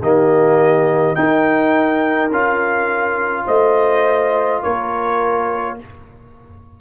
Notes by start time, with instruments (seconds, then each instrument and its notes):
0.00 tuba D#3, trombone A#3, horn G4, trumpet D#5
1.16 trombone D#4, tuba D#4, horn A#4, trumpet G5
2.31 tuba C#4, trombone F4, trumpet F5
3.46 tuba A3, horn C5, trumpet D#5
4.63 tuba A#3, horn A#4, trumpet C#5